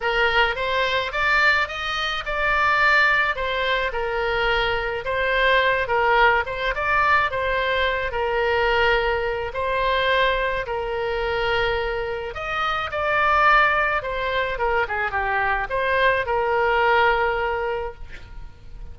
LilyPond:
\new Staff \with { instrumentName = "oboe" } { \time 4/4 \tempo 4 = 107 ais'4 c''4 d''4 dis''4 | d''2 c''4 ais'4~ | ais'4 c''4. ais'4 c''8 | d''4 c''4. ais'4.~ |
ais'4 c''2 ais'4~ | ais'2 dis''4 d''4~ | d''4 c''4 ais'8 gis'8 g'4 | c''4 ais'2. | }